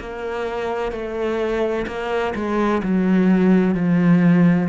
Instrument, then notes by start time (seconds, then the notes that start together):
cello
0.00 A#3
0.92 A3
1.87 A#3
2.35 G#3
2.83 F#3
3.75 F3